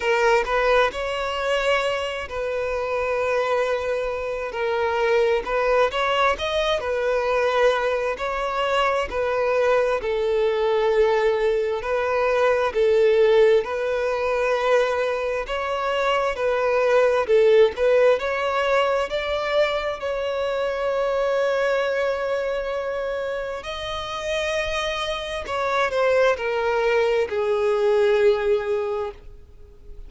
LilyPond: \new Staff \with { instrumentName = "violin" } { \time 4/4 \tempo 4 = 66 ais'8 b'8 cis''4. b'4.~ | b'4 ais'4 b'8 cis''8 dis''8 b'8~ | b'4 cis''4 b'4 a'4~ | a'4 b'4 a'4 b'4~ |
b'4 cis''4 b'4 a'8 b'8 | cis''4 d''4 cis''2~ | cis''2 dis''2 | cis''8 c''8 ais'4 gis'2 | }